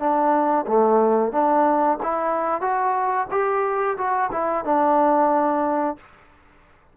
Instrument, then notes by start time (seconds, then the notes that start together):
trombone
0.00 D4
0.67 A3
1.32 D4
2.03 E4
2.61 F#4
3.31 G4
3.98 F#4
4.32 E4
4.65 D4